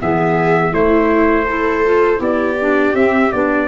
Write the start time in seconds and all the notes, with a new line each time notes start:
0.00 E3 B3 G#4 E5
0.72 A3 E4 C5
1.46 E4 A4
1.85 F4
2.17 B3 E4 G4 D5
2.61 D4
2.94 C4 E5
3.32 B3 D4 D5